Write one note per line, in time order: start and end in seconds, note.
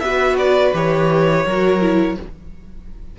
0.00 0.72 B3
0.00 0.74 F#4
0.00 1.45 B4
0.00 0.36 E5
0.38 0.74 D5
0.74 1.45 E3
0.74 1.45 G4
0.74 2.19 C#5
1.45 2.17 F#3
1.45 1.81 F#4
1.45 2.17 A#4
1.81 2.17 E4